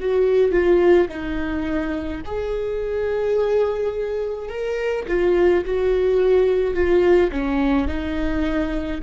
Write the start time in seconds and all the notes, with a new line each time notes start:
0.00 F#4
0.51 F4
1.09 D#4
2.25 G#4
4.49 A#4
5.08 F4
5.65 F#4
6.75 F4
7.32 C#4
7.88 D#4